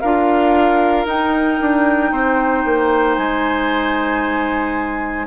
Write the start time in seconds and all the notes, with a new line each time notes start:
0.00 D4 F4 A#4 F5
1.06 D#4 G5
1.61 D4
2.12 C4 C5
2.65 A#3
3.15 G#3 G#5